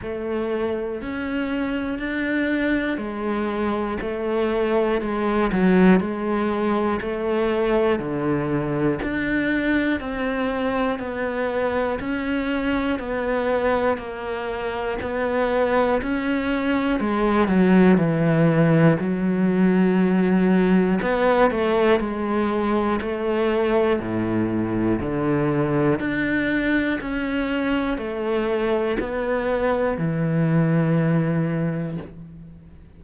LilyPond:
\new Staff \with { instrumentName = "cello" } { \time 4/4 \tempo 4 = 60 a4 cis'4 d'4 gis4 | a4 gis8 fis8 gis4 a4 | d4 d'4 c'4 b4 | cis'4 b4 ais4 b4 |
cis'4 gis8 fis8 e4 fis4~ | fis4 b8 a8 gis4 a4 | a,4 d4 d'4 cis'4 | a4 b4 e2 | }